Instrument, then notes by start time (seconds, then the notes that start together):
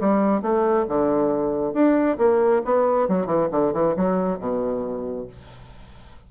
bassoon
0.00 G3
0.42 A3
0.88 D3
1.73 D4
2.18 A#3
2.64 B3
3.08 F#3
3.26 E3
3.51 D3
3.73 E3
3.96 F#3
4.39 B2